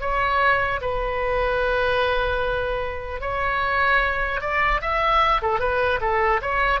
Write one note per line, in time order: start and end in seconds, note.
0.00 0.80 C#5
0.81 3.20 B4
3.20 4.40 C#5
4.40 4.80 D5
4.81 5.41 E5
5.41 5.59 A4
5.59 5.99 B4
6.00 6.40 A4
6.41 6.80 C#5